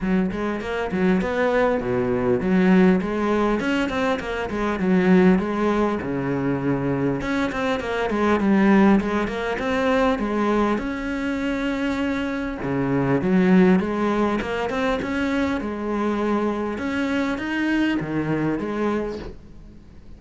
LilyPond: \new Staff \with { instrumentName = "cello" } { \time 4/4 \tempo 4 = 100 fis8 gis8 ais8 fis8 b4 b,4 | fis4 gis4 cis'8 c'8 ais8 gis8 | fis4 gis4 cis2 | cis'8 c'8 ais8 gis8 g4 gis8 ais8 |
c'4 gis4 cis'2~ | cis'4 cis4 fis4 gis4 | ais8 c'8 cis'4 gis2 | cis'4 dis'4 dis4 gis4 | }